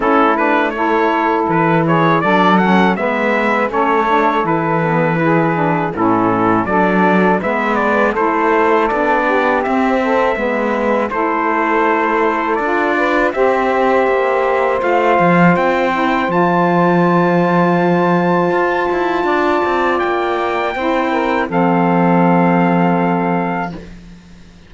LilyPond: <<
  \new Staff \with { instrumentName = "trumpet" } { \time 4/4 \tempo 4 = 81 a'8 b'8 cis''4 b'8 cis''8 d''8 fis''8 | e''4 cis''4 b'2 | a'4 d''4 e''8 d''8 c''4 | d''4 e''2 c''4~ |
c''4 d''4 e''2 | f''4 g''4 a''2~ | a''2. g''4~ | g''4 f''2. | }
  \new Staff \with { instrumentName = "saxophone" } { \time 4/4 e'4 a'4. gis'8 a'4 | b'4 a'2 gis'4 | e'4 a'4 b'4 a'4~ | a'8 g'4 a'8 b'4 a'4~ |
a'4. b'8 c''2~ | c''1~ | c''2 d''2 | c''8 ais'8 a'2. | }
  \new Staff \with { instrumentName = "saxophone" } { \time 4/4 cis'8 d'8 e'2 d'8 cis'8 | b4 cis'8 d'8 e'8 b8 e'8 d'8 | cis'4 d'4 b4 e'4 | d'4 c'4 b4 e'4~ |
e'4 f'4 g'2 | f'4. e'8 f'2~ | f'1 | e'4 c'2. | }
  \new Staff \with { instrumentName = "cello" } { \time 4/4 a2 e4 fis4 | gis4 a4 e2 | a,4 fis4 gis4 a4 | b4 c'4 gis4 a4~ |
a4 d'4 c'4 ais4 | a8 f8 c'4 f2~ | f4 f'8 e'8 d'8 c'8 ais4 | c'4 f2. | }
>>